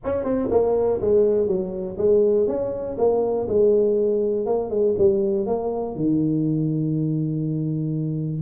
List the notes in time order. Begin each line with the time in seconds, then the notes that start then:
0.04 C#4
0.23 C4
0.50 A#3
1.01 G#3
1.47 F#3
1.97 G#3
2.47 C#4
2.98 A#3
3.48 G#3
4.46 A#3
4.70 G#3
4.97 G3
5.46 A#3
5.95 D#3